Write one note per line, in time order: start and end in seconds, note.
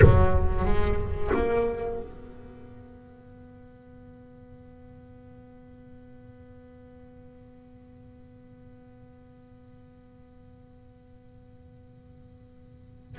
0.01 0.64 F#3
0.64 1.30 G#3
1.33 1.99 A#3
1.99 13.19 B3